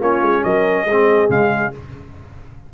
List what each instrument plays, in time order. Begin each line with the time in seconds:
0.00 tuba A#3, trombone C#4, horn F4, trumpet C#5
0.21 tuba G#3
0.43 tuba F#3, horn A#4, trumpet D#5
0.84 tuba G#3, horn G#4
0.91 trombone C4
1.28 tuba C#3, trombone G#3, trumpet F5